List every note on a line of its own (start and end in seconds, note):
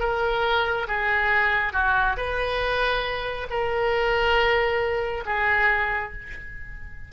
0.00 0.87 A#4
0.88 1.73 G#4
1.73 2.16 F#4
2.17 3.47 B4
3.50 5.24 A#4
5.26 6.13 G#4